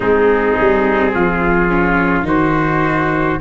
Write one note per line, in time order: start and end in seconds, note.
0.00 0.55 G#3
0.00 1.68 C4
0.00 1.12 D#4
0.00 2.24 G#4
0.60 1.14 G3
1.14 2.22 F3
1.14 2.26 F4
1.68 2.24 C#4
2.22 3.36 D#3
2.22 3.37 D#4
2.22 3.40 F#4
2.22 3.41 C5